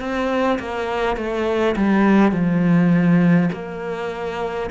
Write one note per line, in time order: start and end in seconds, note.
0.00 0.59 C4
0.59 1.17 A#3
1.17 1.76 A3
1.76 2.32 G3
2.32 3.50 F3
3.53 4.71 A#3